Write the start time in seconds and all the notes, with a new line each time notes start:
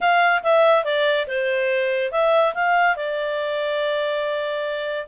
0.00 F5
0.43 E5
0.84 D5
1.27 C5
2.11 E5
2.54 F5
2.96 D5